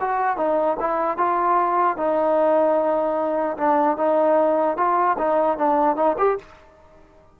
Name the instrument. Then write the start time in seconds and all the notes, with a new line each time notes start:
trombone
0.00 F#4
0.37 D#4
0.79 E4
1.17 F4
1.97 D#4
3.57 D4
3.97 D#4
4.77 F4
5.18 D#4
5.57 D4
5.96 D#4
6.18 G4